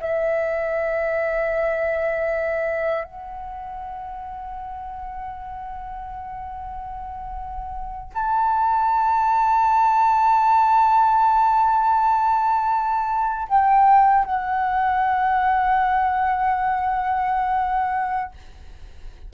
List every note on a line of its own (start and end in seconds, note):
0.00 3.04 E5
3.04 8.12 F#5
8.14 13.48 A5
13.48 14.25 G5
14.25 18.31 F#5